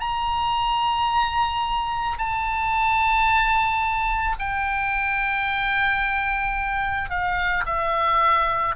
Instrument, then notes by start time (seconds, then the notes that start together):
oboe
0.00 A#5
2.18 A5
4.39 G5
7.10 F5
7.66 E5